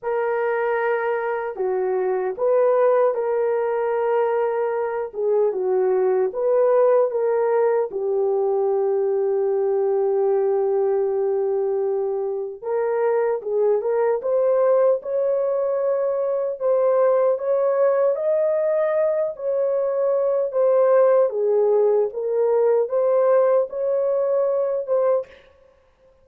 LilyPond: \new Staff \with { instrumentName = "horn" } { \time 4/4 \tempo 4 = 76 ais'2 fis'4 b'4 | ais'2~ ais'8 gis'8 fis'4 | b'4 ais'4 g'2~ | g'1 |
ais'4 gis'8 ais'8 c''4 cis''4~ | cis''4 c''4 cis''4 dis''4~ | dis''8 cis''4. c''4 gis'4 | ais'4 c''4 cis''4. c''8 | }